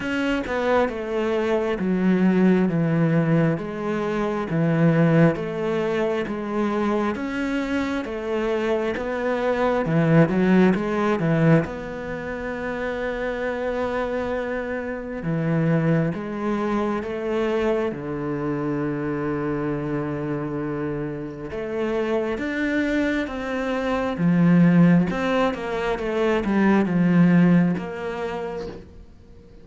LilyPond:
\new Staff \with { instrumentName = "cello" } { \time 4/4 \tempo 4 = 67 cis'8 b8 a4 fis4 e4 | gis4 e4 a4 gis4 | cis'4 a4 b4 e8 fis8 | gis8 e8 b2.~ |
b4 e4 gis4 a4 | d1 | a4 d'4 c'4 f4 | c'8 ais8 a8 g8 f4 ais4 | }